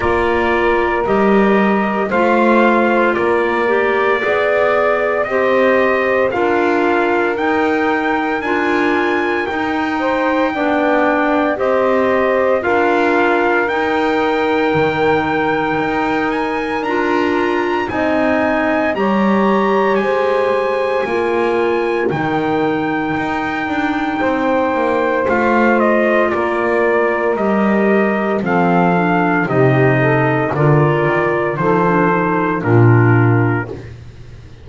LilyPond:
<<
  \new Staff \with { instrumentName = "trumpet" } { \time 4/4 \tempo 4 = 57 d''4 dis''4 f''4 d''4~ | d''4 dis''4 f''4 g''4 | gis''4 g''2 dis''4 | f''4 g''2~ g''8 gis''8 |
ais''4 gis''4 ais''4 gis''4~ | gis''4 g''2. | f''8 dis''8 d''4 dis''4 f''4 | dis''4 d''4 c''4 ais'4 | }
  \new Staff \with { instrumentName = "saxophone" } { \time 4/4 ais'2 c''4 ais'4 | d''4 c''4 ais'2~ | ais'4. c''8 d''4 c''4 | ais'1~ |
ais'4 dis''4 cis''4 c''4 | ais'2. c''4~ | c''4 ais'2 a'4 | g'8 a'8 ais'4 a'4 f'4 | }
  \new Staff \with { instrumentName = "clarinet" } { \time 4/4 f'4 g'4 f'4. g'8 | gis'4 g'4 f'4 dis'4 | f'4 dis'4 d'4 g'4 | f'4 dis'2. |
f'4 dis'4 g'2 | f'4 dis'2. | f'2 g'4 c'8 d'8 | dis'4 f'4 dis'16 d'16 dis'8 d'4 | }
  \new Staff \with { instrumentName = "double bass" } { \time 4/4 ais4 g4 a4 ais4 | b4 c'4 d'4 dis'4 | d'4 dis'4 b4 c'4 | d'4 dis'4 dis4 dis'4 |
d'4 c'4 g4 gis4 | ais4 dis4 dis'8 d'8 c'8 ais8 | a4 ais4 g4 f4 | c4 d8 dis8 f4 ais,4 | }
>>